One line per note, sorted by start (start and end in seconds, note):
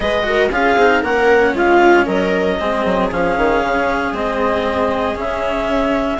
0.00 0.50 G#3
0.00 0.23 G#4
0.00 0.25 B4
0.00 0.51 D#5
0.23 0.49 F#4
0.23 0.51 A#4
0.50 0.76 C#4
0.50 0.77 F4
0.50 1.01 G#4
0.50 1.03 F5
0.76 1.02 C4
0.76 1.03 D#4
1.01 1.53 A#3
1.01 2.59 C#4
1.01 1.53 A#4
1.01 1.55 F#5
1.53 2.05 G#3
1.53 2.05 F4
1.53 2.06 F5
2.05 2.58 F#3
2.05 2.57 A#4
2.05 3.10 D#5
2.59 2.84 G#3
2.59 3.10 C4
2.59 6.20 G#4
2.84 3.10 F#3
3.11 3.37 F3
3.11 4.13 C#4
3.11 4.14 F5
3.37 3.62 D#3
3.62 4.12 C#3
4.12 5.15 G#3
4.12 5.15 C4
4.12 5.18 D#5
5.15 6.20 C#3
5.15 6.18 C#4
5.15 6.20 E5